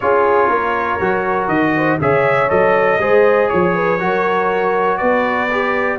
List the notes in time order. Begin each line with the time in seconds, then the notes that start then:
0.00 C#4 F4 G#4 C#5
0.47 A#3 A#4
1.00 F#3 F#4
1.48 D#3 D#5
1.75 C5
2.00 C#3 G#4 C#5 E5
2.49 F#3 A4 D#5
2.99 G#3 G#4 C5
3.49 F3 C#5
3.75 B4
3.99 F#3 F#4 A#4
4.97 B3 B4 D5
5.51 G4